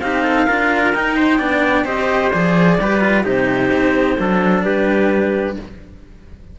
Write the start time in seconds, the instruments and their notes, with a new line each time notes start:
0.00 cello C4 D#4, trumpet G4, clarinet F5
0.23 trumpet A4
0.47 cello D4 F4, trumpet A#4
0.94 cello D#4, clarinet G5
1.17 trumpet C5
1.39 cello B3 D4, trumpet D5
1.85 cello C4 G4, trumpet C5, clarinet D#5
2.32 cello F3 G#4, clarinet D5
2.79 cello G3 G4, trumpet B4
3.01 cello F4
3.24 cello C3 D#4, trumpet G4, clarinet C5
3.73 cello C4
4.19 cello F#3 D4, trumpet A4
4.64 cello G3, trumpet G4, clarinet B4